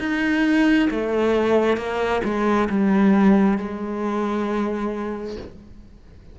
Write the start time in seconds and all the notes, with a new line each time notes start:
0.00 D#4
0.91 A3
1.77 A#3
2.24 G#3
2.69 G3
3.58 G#3